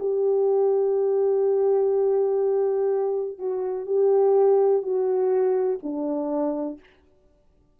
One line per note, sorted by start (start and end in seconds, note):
0.00 3.39 G4
3.39 3.86 F#4
3.86 4.83 G4
4.83 5.79 F#4
5.83 6.80 D4